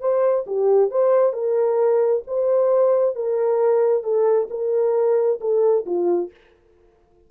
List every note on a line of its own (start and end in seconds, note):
0.00 0.45 C5
0.46 0.90 G4
0.90 1.33 C5
1.33 2.22 A#4
2.27 3.15 C5
3.15 4.03 A#4
4.03 4.48 A4
4.50 5.39 A#4
5.40 5.85 A4
5.86 6.30 F4